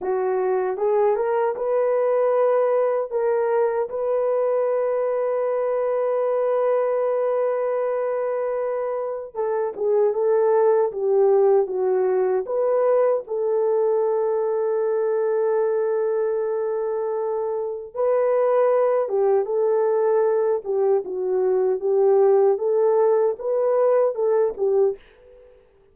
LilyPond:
\new Staff \with { instrumentName = "horn" } { \time 4/4 \tempo 4 = 77 fis'4 gis'8 ais'8 b'2 | ais'4 b'2.~ | b'1 | a'8 gis'8 a'4 g'4 fis'4 |
b'4 a'2.~ | a'2. b'4~ | b'8 g'8 a'4. g'8 fis'4 | g'4 a'4 b'4 a'8 g'8 | }